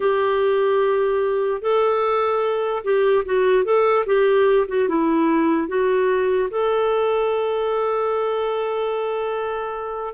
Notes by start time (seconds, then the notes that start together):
0.00 G4
1.61 A4
2.84 G4
3.25 F#4
3.64 A4
4.05 G4
4.68 F#4
4.88 E4
5.68 F#4
6.50 A4